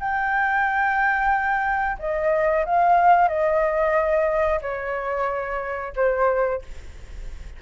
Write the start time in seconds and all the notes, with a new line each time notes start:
0.00 G5
2.00 D#5
2.66 F5
3.28 D#5
4.62 C#5
5.96 C5